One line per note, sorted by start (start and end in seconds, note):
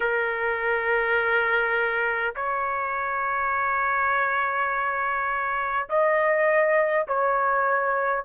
0.00 2.34 A#4
2.35 5.88 C#5
5.89 7.06 D#5
7.07 8.24 C#5